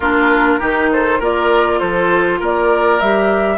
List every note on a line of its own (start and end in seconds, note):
0.00 0.59 A#3
0.00 0.59 D4
0.00 0.59 F4
0.00 0.89 A#4
0.59 1.20 D#3
0.59 1.19 D#4
0.59 0.89 G4
0.92 1.19 A4
0.92 1.22 C5
1.19 1.79 A#3
1.19 3.01 F4
1.19 1.79 A#4
1.19 1.79 D5
1.79 2.40 F3
1.79 2.39 A4
1.79 2.39 C5
2.39 3.00 A#3
2.39 3.57 A#4
2.39 3.00 D5
3.00 3.57 G3
3.00 3.57 G4
3.00 3.57 E5